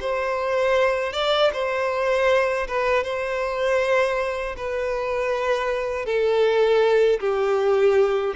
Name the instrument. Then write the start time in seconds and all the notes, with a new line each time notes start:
violin
0.00 C5
1.13 D5
1.53 C5
2.68 B4
3.03 C5
4.57 B4
6.06 A4
7.20 G4